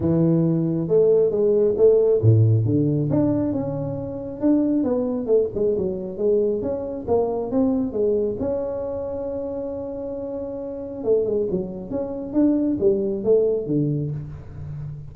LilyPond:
\new Staff \with { instrumentName = "tuba" } { \time 4/4 \tempo 4 = 136 e2 a4 gis4 | a4 a,4 d4 d'4 | cis'2 d'4 b4 | a8 gis8 fis4 gis4 cis'4 |
ais4 c'4 gis4 cis'4~ | cis'1~ | cis'4 a8 gis8 fis4 cis'4 | d'4 g4 a4 d4 | }